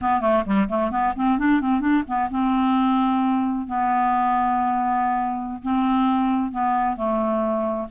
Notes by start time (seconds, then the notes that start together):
0.01 B3
0.20 A3
0.45 G3
0.68 A3
0.90 B3
1.16 C4
1.38 D4
1.60 C4
1.80 D4
2.07 B3
2.30 C4
3.67 B3
5.62 C4
6.51 B3
6.96 A3